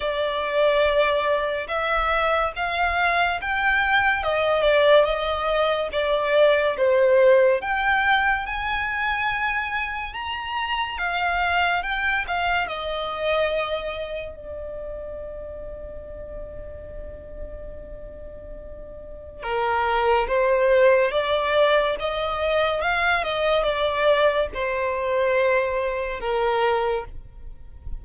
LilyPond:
\new Staff \with { instrumentName = "violin" } { \time 4/4 \tempo 4 = 71 d''2 e''4 f''4 | g''4 dis''8 d''8 dis''4 d''4 | c''4 g''4 gis''2 | ais''4 f''4 g''8 f''8 dis''4~ |
dis''4 d''2.~ | d''2. ais'4 | c''4 d''4 dis''4 f''8 dis''8 | d''4 c''2 ais'4 | }